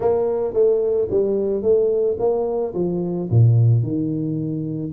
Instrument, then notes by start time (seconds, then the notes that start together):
tuba
0.00 A#3
0.53 A3
1.10 G3
1.62 A3
2.19 A#3
2.74 F3
3.30 A#2
3.82 D#3